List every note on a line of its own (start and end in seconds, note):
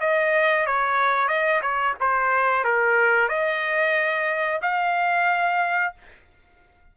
0.00 0.66 D#5
0.66 1.28 C#5
1.28 1.61 D#5
1.62 1.95 C#5
2.00 2.64 C5
2.64 3.28 A#4
3.28 4.60 D#5
4.62 5.93 F5